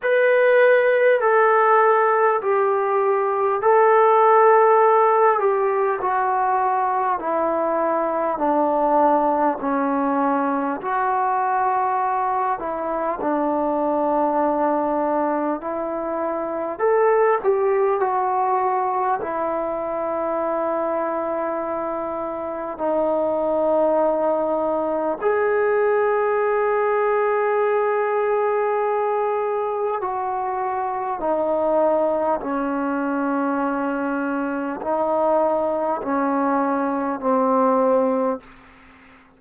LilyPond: \new Staff \with { instrumentName = "trombone" } { \time 4/4 \tempo 4 = 50 b'4 a'4 g'4 a'4~ | a'8 g'8 fis'4 e'4 d'4 | cis'4 fis'4. e'8 d'4~ | d'4 e'4 a'8 g'8 fis'4 |
e'2. dis'4~ | dis'4 gis'2.~ | gis'4 fis'4 dis'4 cis'4~ | cis'4 dis'4 cis'4 c'4 | }